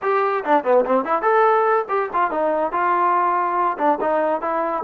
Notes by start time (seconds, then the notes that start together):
0.02 G4
0.44 D4
0.64 B3
0.85 C4
1.05 E4
1.22 A4
1.88 G4
2.13 F4
2.31 D#4
2.72 F4
3.78 D4
4.01 D#4
4.41 E4